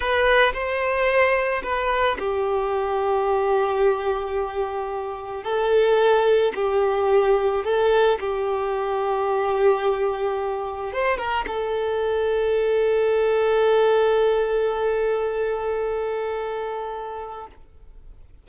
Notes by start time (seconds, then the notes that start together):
0.00 B4
0.53 C5
1.63 B4
2.18 G4
5.43 A4
6.55 G4
7.64 A4
8.20 G4
10.92 C5
11.17 A#4
11.47 A4